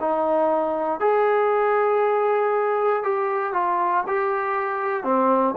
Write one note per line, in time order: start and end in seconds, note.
0.00 1.00 D#4
1.00 3.03 G#4
3.03 3.53 G4
3.53 4.04 F4
4.07 5.04 G4
5.04 5.55 C4